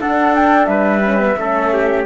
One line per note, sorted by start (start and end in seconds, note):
0.00 1.03 D4
0.00 0.67 D4
0.00 0.69 A4
0.00 0.35 F#5
0.35 0.66 G5
0.66 1.36 G3
0.66 1.38 B4
0.66 2.03 E5
1.03 1.19 C#4
1.19 1.36 B3
1.36 2.05 A3
1.36 2.06 C#4
1.36 1.73 A4
1.73 2.06 G4